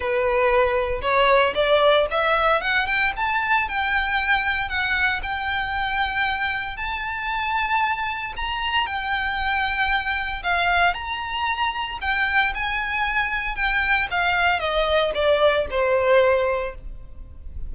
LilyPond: \new Staff \with { instrumentName = "violin" } { \time 4/4 \tempo 4 = 115 b'2 cis''4 d''4 | e''4 fis''8 g''8 a''4 g''4~ | g''4 fis''4 g''2~ | g''4 a''2. |
ais''4 g''2. | f''4 ais''2 g''4 | gis''2 g''4 f''4 | dis''4 d''4 c''2 | }